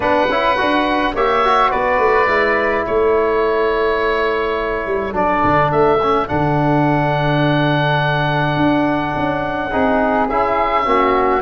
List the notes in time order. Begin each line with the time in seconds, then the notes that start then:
0.00 B3 D4 B4 F#5
0.29 C#4 E4
0.57 D4 F#4
1.14 A#3 G4 C#5 E5
1.44 F#4
1.71 B3 B4 D5
1.98 A3
2.26 G#3 E4
2.82 A3 A4 C#5
4.86 G3
5.12 F#3 D4 D5
5.43 D3
5.71 A3 E5
6.02 C#4
6.27 D3 D4 F#5
8.56 D4
9.15 C#4
9.69 C4 D#4 G#4
10.29 C#4 E4 E5
10.84 A#3 C#4 F#4